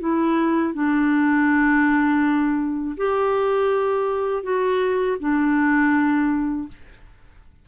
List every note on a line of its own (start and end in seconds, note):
0.00 0.74 E4
0.74 2.96 D4
2.97 4.43 G4
4.43 5.17 F#4
5.20 6.68 D4